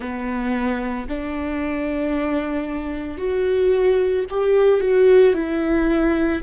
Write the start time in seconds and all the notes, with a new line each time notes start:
0.00 B3
1.08 D4
3.17 F#4
4.30 G4
4.80 F#4
5.33 E4